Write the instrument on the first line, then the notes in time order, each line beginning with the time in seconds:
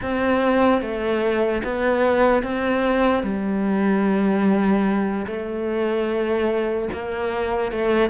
cello
0.01 C4
0.81 A3
1.63 B3
2.43 C4
3.23 G3
5.26 A3
6.93 A#3
7.71 A3